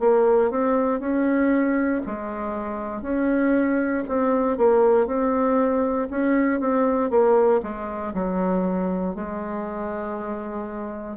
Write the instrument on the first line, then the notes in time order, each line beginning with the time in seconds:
bassoon
0.00 A#3
0.51 C4
1.00 C#4
2.06 G#3
3.02 C#4
4.09 C4
4.58 A#3
5.07 C4
6.10 C#4
6.61 C4
7.10 A#3
7.63 G#3
8.14 F#3
9.15 G#3